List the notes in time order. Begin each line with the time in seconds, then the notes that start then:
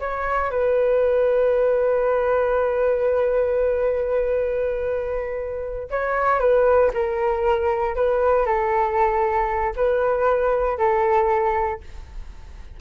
0.00 C#5
0.51 B4
5.91 C#5
6.40 B4
6.94 A#4
7.96 B4
8.46 A4
9.76 B4
10.78 A4